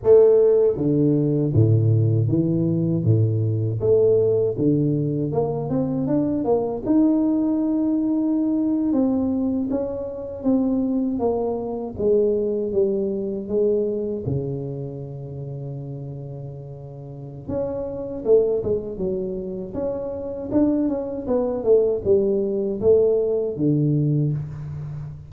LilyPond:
\new Staff \with { instrumentName = "tuba" } { \time 4/4 \tempo 4 = 79 a4 d4 a,4 e4 | a,4 a4 d4 ais8 c'8 | d'8 ais8 dis'2~ dis'8. c'16~ | c'8. cis'4 c'4 ais4 gis16~ |
gis8. g4 gis4 cis4~ cis16~ | cis2. cis'4 | a8 gis8 fis4 cis'4 d'8 cis'8 | b8 a8 g4 a4 d4 | }